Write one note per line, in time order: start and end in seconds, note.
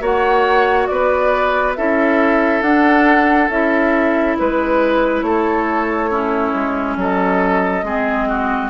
0.00 0.87 A#3
0.00 1.75 F#4
0.00 0.87 C#5
0.00 0.86 F#5
0.86 1.77 B3
0.86 1.77 B4
0.86 1.73 D5
1.75 2.61 C#4
1.75 2.64 E4
1.75 4.38 A4
1.75 2.62 E5
2.61 3.48 D4
2.61 3.50 D4
2.61 3.49 F#5
3.49 4.36 C#4
3.49 6.10 E4
3.49 4.36 E5
4.38 5.22 G#3
4.38 5.25 B4
4.38 5.22 B4
5.22 6.52 A3
5.22 6.09 A4
5.22 6.95 C#5
6.09 7.84 C#4
6.09 6.96 E4
6.53 6.96 G#3
6.96 7.83 F#3
6.96 7.85 A4
6.96 8.70 D#5
7.83 8.70 G#3
7.83 8.70 C4
7.83 8.28 G#4
8.28 8.70 F#4